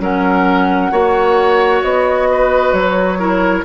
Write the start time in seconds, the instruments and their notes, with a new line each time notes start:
0.00 bassoon F#3, clarinet C#4, oboe A#4, flute F#5
0.91 bassoon A#3, clarinet F#4, oboe C#5
1.82 bassoon B3, flute D#5
2.31 oboe B4
2.73 bassoon F#3, flute C#5
3.19 clarinet E4, oboe A#4